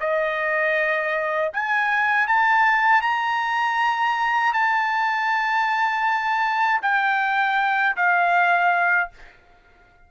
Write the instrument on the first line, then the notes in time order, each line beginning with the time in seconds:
trumpet
0.00 D#5
1.53 G#5
2.28 A5
3.02 A#5
4.53 A5
6.82 G5
7.96 F5